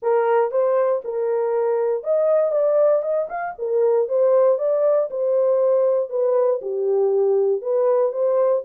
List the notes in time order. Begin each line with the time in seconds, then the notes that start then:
0.02 A#4
0.51 C5
1.04 A#4
2.03 D#5
2.51 D5
3.02 D#5
3.29 F5
3.58 A#4
4.08 C5
4.58 D5
5.10 C5
6.09 B4
6.61 G4
7.61 B4
8.11 C5